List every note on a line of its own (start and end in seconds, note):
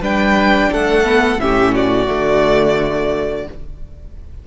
0.00 0.69 G3
0.00 1.04 D4
0.00 0.69 B4
0.00 0.73 G5
0.72 1.37 A3
0.72 1.41 A4
0.72 1.40 F#5
1.04 1.38 B3
1.37 2.06 A2
1.37 2.06 C#4
1.37 1.74 G4
1.37 1.74 E5
1.74 3.46 F#4
1.74 3.47 D5
2.06 3.47 D3
2.06 3.44 A3